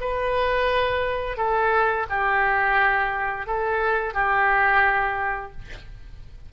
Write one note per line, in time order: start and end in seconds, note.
0.00 1.37 B4
1.37 2.06 A4
2.09 3.46 G4
3.46 4.14 A4
4.14 5.52 G4